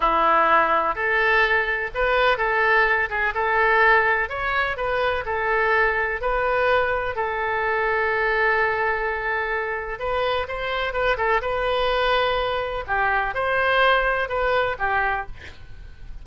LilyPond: \new Staff \with { instrumentName = "oboe" } { \time 4/4 \tempo 4 = 126 e'2 a'2 | b'4 a'4. gis'8 a'4~ | a'4 cis''4 b'4 a'4~ | a'4 b'2 a'4~ |
a'1~ | a'4 b'4 c''4 b'8 a'8 | b'2. g'4 | c''2 b'4 g'4 | }